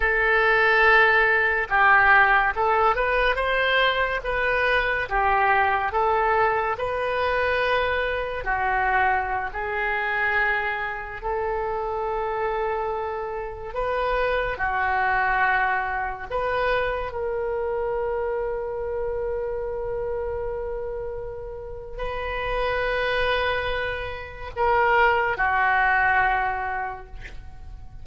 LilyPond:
\new Staff \with { instrumentName = "oboe" } { \time 4/4 \tempo 4 = 71 a'2 g'4 a'8 b'8 | c''4 b'4 g'4 a'4 | b'2 fis'4~ fis'16 gis'8.~ | gis'4~ gis'16 a'2~ a'8.~ |
a'16 b'4 fis'2 b'8.~ | b'16 ais'2.~ ais'8.~ | ais'2 b'2~ | b'4 ais'4 fis'2 | }